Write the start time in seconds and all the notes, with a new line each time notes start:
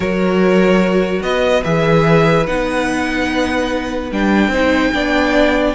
0.00 F#3 F#4 A#4 C#5
1.22 B3 B4 D#5
1.63 E3 G#4 E5
2.46 B3 D#4 F#5
4.11 G3 D4 G5
4.47 C4 D#4 C5
4.93 B3 D4 D5